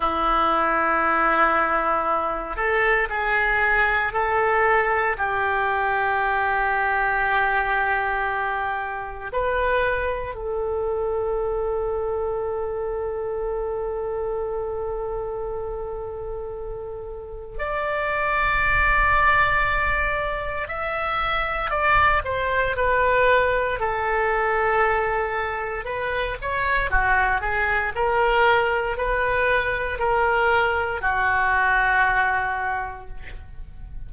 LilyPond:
\new Staff \with { instrumentName = "oboe" } { \time 4/4 \tempo 4 = 58 e'2~ e'8 a'8 gis'4 | a'4 g'2.~ | g'4 b'4 a'2~ | a'1~ |
a'4 d''2. | e''4 d''8 c''8 b'4 a'4~ | a'4 b'8 cis''8 fis'8 gis'8 ais'4 | b'4 ais'4 fis'2 | }